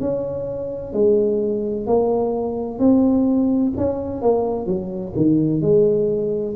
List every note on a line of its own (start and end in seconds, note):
0.00 0.93 C#4
0.93 1.87 G#3
1.87 2.79 A#3
2.79 3.73 C4
3.77 4.22 C#4
4.22 4.66 A#3
4.66 5.13 F#3
5.16 5.61 D#3
5.61 6.55 G#3